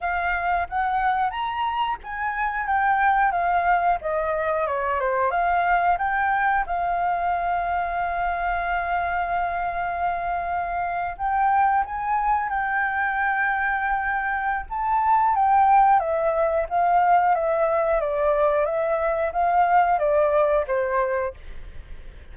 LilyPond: \new Staff \with { instrumentName = "flute" } { \time 4/4 \tempo 4 = 90 f''4 fis''4 ais''4 gis''4 | g''4 f''4 dis''4 cis''8 c''8 | f''4 g''4 f''2~ | f''1~ |
f''8. g''4 gis''4 g''4~ g''16~ | g''2 a''4 g''4 | e''4 f''4 e''4 d''4 | e''4 f''4 d''4 c''4 | }